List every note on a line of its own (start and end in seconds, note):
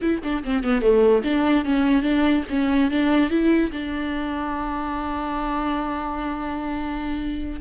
0.01 0.22 E4
0.23 0.43 D4
0.43 0.63 C4
0.63 0.81 B3
0.81 1.22 A3
1.23 1.64 D4
1.64 2.02 C#4
2.02 2.43 D4
2.49 2.90 C#4
2.90 3.30 D4
3.30 3.71 E4
3.71 7.60 D4